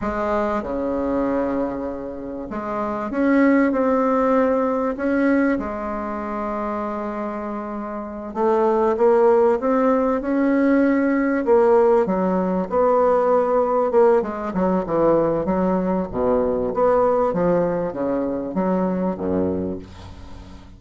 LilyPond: \new Staff \with { instrumentName = "bassoon" } { \time 4/4 \tempo 4 = 97 gis4 cis2. | gis4 cis'4 c'2 | cis'4 gis2.~ | gis4. a4 ais4 c'8~ |
c'8 cis'2 ais4 fis8~ | fis8 b2 ais8 gis8 fis8 | e4 fis4 b,4 b4 | f4 cis4 fis4 fis,4 | }